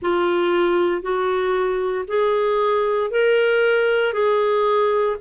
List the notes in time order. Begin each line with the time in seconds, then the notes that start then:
0.01 F4
1.02 F#4
2.07 G#4
3.10 A#4
4.13 G#4